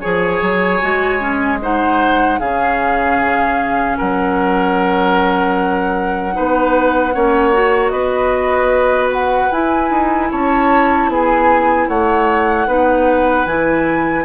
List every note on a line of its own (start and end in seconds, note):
0.00 0.41 F3
0.00 0.80 G#4
0.00 1.58 C#5
0.00 1.58 G#5
0.41 0.81 F#3
0.81 2.39 G#3
0.81 1.19 F#4
1.19 1.58 C#4
1.62 2.41 D#4
1.62 2.39 C5
1.62 2.39 F#5
2.39 3.97 C#3
2.39 6.33 C#4
2.39 3.97 G#4
2.39 3.97 F5
3.97 6.37 F#3
3.97 6.34 A#4
3.97 7.89 F#5
6.33 7.15 B3
6.33 7.12 D#4
6.33 7.14 B4
7.13 7.91 A#3
7.13 7.53 C#4
7.13 7.92 C#5
7.53 9.50 F#4
7.89 9.49 B3
7.89 10.28 B4
7.89 9.07 D#5
9.12 9.51 F#5
9.51 9.90 E4
9.51 12.67 E4
9.51 10.30 G#5
9.90 10.29 D#4
10.31 11.08 C#4
10.31 11.10 C#5
10.31 11.10 A5
11.08 11.87 B3
11.08 11.88 G#4
11.08 11.88 G#5
11.88 12.67 A3
11.88 12.67 C#5
11.88 13.46 F#5
12.67 13.46 B3
12.67 13.46 D#4
12.67 14.24 B4
13.46 14.24 E3
13.46 14.24 E4
13.46 14.24 G#5